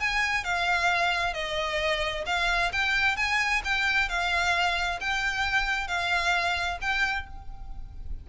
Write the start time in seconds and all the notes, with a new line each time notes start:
0.00 G#5
0.44 F5
1.34 D#5
2.26 F5
2.73 G5
3.16 G#5
3.65 G5
4.09 F5
5.00 G5
5.88 F5
6.82 G5